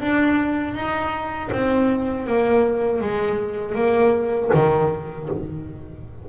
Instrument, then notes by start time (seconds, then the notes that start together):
double bass
0.00 D4
0.74 D#4
1.52 C4
2.26 A#3
3.00 G#3
3.75 A#3
4.53 D#3